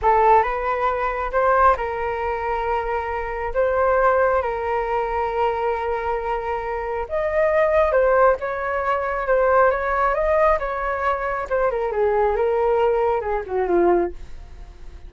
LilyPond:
\new Staff \with { instrumentName = "flute" } { \time 4/4 \tempo 4 = 136 a'4 b'2 c''4 | ais'1 | c''2 ais'2~ | ais'1 |
dis''2 c''4 cis''4~ | cis''4 c''4 cis''4 dis''4 | cis''2 c''8 ais'8 gis'4 | ais'2 gis'8 fis'8 f'4 | }